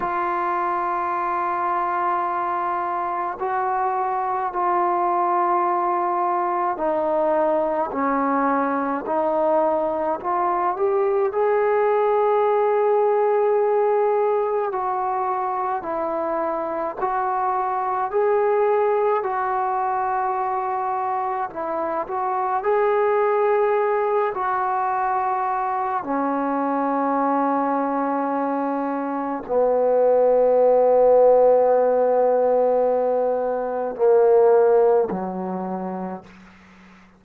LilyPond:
\new Staff \with { instrumentName = "trombone" } { \time 4/4 \tempo 4 = 53 f'2. fis'4 | f'2 dis'4 cis'4 | dis'4 f'8 g'8 gis'2~ | gis'4 fis'4 e'4 fis'4 |
gis'4 fis'2 e'8 fis'8 | gis'4. fis'4. cis'4~ | cis'2 b2~ | b2 ais4 fis4 | }